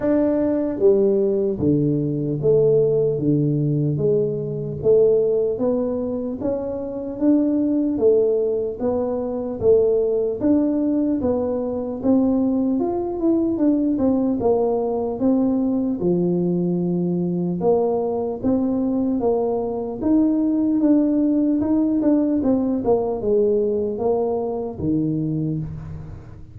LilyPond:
\new Staff \with { instrumentName = "tuba" } { \time 4/4 \tempo 4 = 75 d'4 g4 d4 a4 | d4 gis4 a4 b4 | cis'4 d'4 a4 b4 | a4 d'4 b4 c'4 |
f'8 e'8 d'8 c'8 ais4 c'4 | f2 ais4 c'4 | ais4 dis'4 d'4 dis'8 d'8 | c'8 ais8 gis4 ais4 dis4 | }